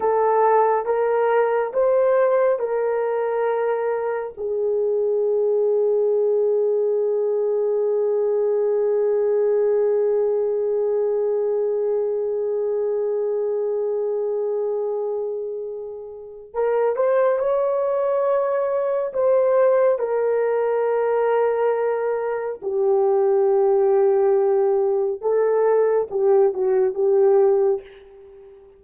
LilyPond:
\new Staff \with { instrumentName = "horn" } { \time 4/4 \tempo 4 = 69 a'4 ais'4 c''4 ais'4~ | ais'4 gis'2.~ | gis'1~ | gis'1~ |
gis'2. ais'8 c''8 | cis''2 c''4 ais'4~ | ais'2 g'2~ | g'4 a'4 g'8 fis'8 g'4 | }